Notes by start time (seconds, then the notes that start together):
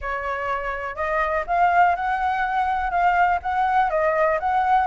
0.01 C#5
0.95 D#5
1.47 F5
1.95 F#5
2.90 F5
3.42 F#5
3.90 D#5
4.39 F#5